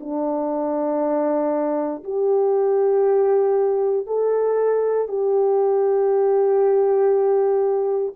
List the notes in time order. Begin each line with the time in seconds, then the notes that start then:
0.00 D4
2.04 G4
4.06 A4
5.08 G4